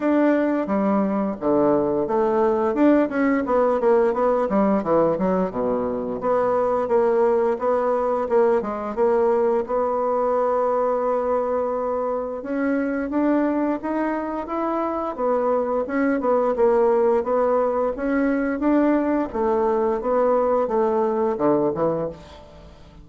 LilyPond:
\new Staff \with { instrumentName = "bassoon" } { \time 4/4 \tempo 4 = 87 d'4 g4 d4 a4 | d'8 cis'8 b8 ais8 b8 g8 e8 fis8 | b,4 b4 ais4 b4 | ais8 gis8 ais4 b2~ |
b2 cis'4 d'4 | dis'4 e'4 b4 cis'8 b8 | ais4 b4 cis'4 d'4 | a4 b4 a4 d8 e8 | }